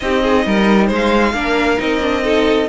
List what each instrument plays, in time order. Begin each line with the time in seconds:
0.00 cello C4, viola D#4, violin G4 D#5
0.23 violin G#4
0.46 cello G3, violin A#4
0.87 cello G#3, violin C5
0.94 violin F5
1.33 cello A#3, viola D4, violin A#4
1.77 cello C4, viola D#4, violin D#5
2.01 viola D4
2.22 viola D#4, violin A4